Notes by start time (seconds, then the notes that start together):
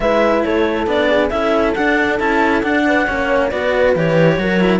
0.00 G#3 E4 B4 E5
0.44 A3 A4 C#5
0.86 B3 D4 D5
1.09 G#4
1.29 C#4 E4 A4 E5
1.74 D4 F#5
2.19 C#4 E4 A5
2.62 D4 F#5
2.86 B4
3.07 A#3 C#4 C#5
3.49 B3 F#4 B4 D5
3.95 E3 G4 C#5
4.38 F#3 F#4 A#4
4.60 E4